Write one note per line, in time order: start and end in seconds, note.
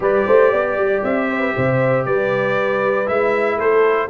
0.00 0.24 G3
0.00 3.05 G4
0.00 0.26 B4
0.00 1.03 D5
0.26 0.52 A3
0.26 0.50 C5
0.50 0.76 B3
0.50 1.27 D5
0.76 1.02 G3
1.03 1.54 C4
1.03 2.05 E5
1.29 1.40 C5
1.40 1.53 B4
1.56 2.06 C3
1.56 2.06 C5
2.05 3.08 G3
2.05 3.57 B4
2.05 3.07 D5
3.05 3.57 G#3
3.05 4.08 E4
3.05 3.59 E5
3.57 4.08 A3
3.57 4.08 A4
3.57 4.09 C5